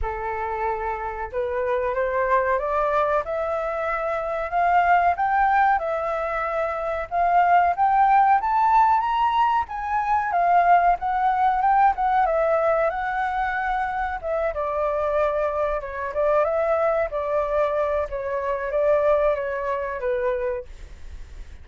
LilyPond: \new Staff \with { instrumentName = "flute" } { \time 4/4 \tempo 4 = 93 a'2 b'4 c''4 | d''4 e''2 f''4 | g''4 e''2 f''4 | g''4 a''4 ais''4 gis''4 |
f''4 fis''4 g''8 fis''8 e''4 | fis''2 e''8 d''4.~ | d''8 cis''8 d''8 e''4 d''4. | cis''4 d''4 cis''4 b'4 | }